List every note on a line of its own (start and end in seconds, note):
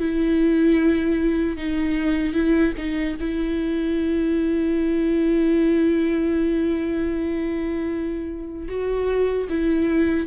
0.00 1.58 E4
1.58 2.34 D#4
2.34 2.73 E4
2.78 3.17 D#4
3.20 8.69 E4
8.69 9.48 F#4
9.50 10.27 E4